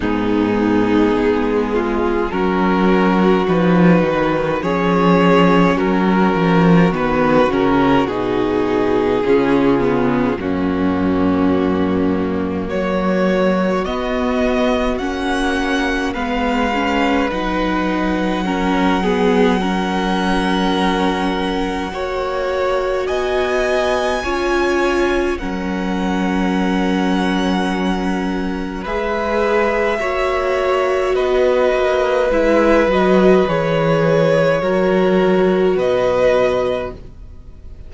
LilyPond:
<<
  \new Staff \with { instrumentName = "violin" } { \time 4/4 \tempo 4 = 52 gis'2 ais'4 b'4 | cis''4 ais'4 b'8 ais'8 gis'4~ | gis'4 fis'2 cis''4 | dis''4 fis''4 f''4 fis''4~ |
fis''1 | gis''2 fis''2~ | fis''4 e''2 dis''4 | e''8 dis''8 cis''2 dis''4 | }
  \new Staff \with { instrumentName = "violin" } { \time 4/4 dis'4. f'8 fis'2 | gis'4 fis'2. | f'4 cis'2 fis'4~ | fis'2 b'2 |
ais'8 gis'8 ais'2 cis''4 | dis''4 cis''4 ais'2~ | ais'4 b'4 cis''4 b'4~ | b'2 ais'4 b'4 | }
  \new Staff \with { instrumentName = "viola" } { \time 4/4 b2 cis'4 dis'4 | cis'2 b8 cis'8 dis'4 | cis'8 b8 ais2. | b4 cis'4 b8 cis'8 dis'4 |
cis'8 b8 cis'2 fis'4~ | fis'4 f'4 cis'2~ | cis'4 gis'4 fis'2 | e'8 fis'8 gis'4 fis'2 | }
  \new Staff \with { instrumentName = "cello" } { \time 4/4 gis,4 gis4 fis4 f8 dis8 | f4 fis8 f8 dis8 cis8 b,4 | cis4 fis,2 fis4 | b4 ais4 gis4 fis4~ |
fis2. ais4 | b4 cis'4 fis2~ | fis4 gis4 ais4 b8 ais8 | gis8 fis8 e4 fis4 b,4 | }
>>